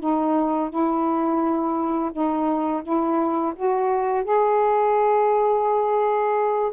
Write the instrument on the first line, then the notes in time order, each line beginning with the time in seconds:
saxophone
0.00 D#4
0.70 E4
2.12 D#4
2.83 E4
3.56 F#4
4.24 G#4